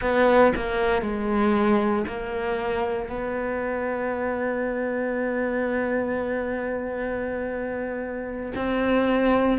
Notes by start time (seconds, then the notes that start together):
0.01 B3
0.55 A#3
1.02 G#3
2.07 A#3
3.09 B3
8.55 C4